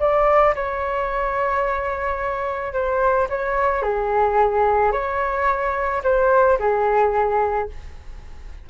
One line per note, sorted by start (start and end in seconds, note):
0.00 0.55 D5
0.56 2.74 C#5
2.74 3.29 C5
3.30 3.83 C#5
3.83 4.93 G#4
4.93 6.03 C#5
6.04 6.59 C5
6.60 7.70 G#4